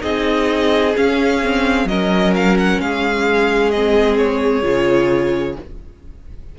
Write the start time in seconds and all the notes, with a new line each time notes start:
0.00 C4 D#4 G#4 D#5
0.95 C#4 F5
1.42 C4
1.84 F#3 C#4 A#4 D#5
2.34 F5
2.57 F#5
2.80 G#3 G#4 F5
3.70 C4 D#5
4.17 C#5
4.62 C#3 F4